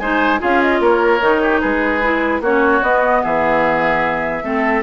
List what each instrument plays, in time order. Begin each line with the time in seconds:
0.00 bassoon G#3, clarinet D#4, oboe C5, flute G#5
0.40 bassoon C#4, clarinet F4, oboe G#4, flute F5
0.62 flute D#5
0.81 bassoon A#3, oboe A#4, flute C#5
1.21 bassoon D#3, clarinet D#4
1.42 oboe G4
1.61 bassoon G#3, oboe G#4, flute B4
2.03 clarinet E4
2.41 bassoon A#3, clarinet C#4, oboe F#4, flute C#5
2.83 bassoon B3, clarinet B3, flute D#5
3.23 bassoon E3, oboe G#4, flute E5
4.44 bassoon A3, clarinet C4, oboe A4